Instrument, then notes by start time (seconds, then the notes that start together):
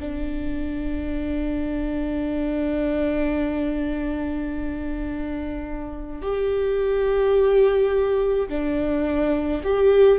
viola
0.00 D4
6.22 G4
8.49 D4
9.63 G4